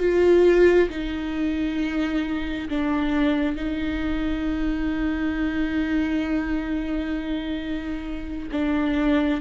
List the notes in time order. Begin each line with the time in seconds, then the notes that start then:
0.00 F4
0.90 D#4
2.69 D4
3.56 D#4
8.52 D4